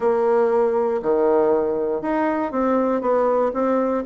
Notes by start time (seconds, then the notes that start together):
0.00 A#3
1.02 D#3
2.01 D#4
2.51 C4
3.01 B3
3.53 C4